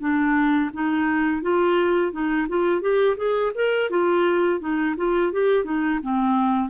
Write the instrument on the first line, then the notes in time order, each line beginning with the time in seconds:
clarinet
0.00 D4
0.73 D#4
1.42 F4
2.12 D#4
2.49 F4
2.81 G4
3.17 G#4
3.55 A#4
3.90 F4
4.60 D#4
4.97 F4
5.33 G4
5.64 D#4
6.03 C4